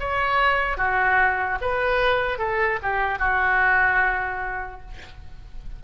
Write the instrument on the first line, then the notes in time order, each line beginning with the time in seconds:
oboe
0.00 C#5
0.77 F#4
1.61 B4
2.39 A4
2.83 G4
3.19 F#4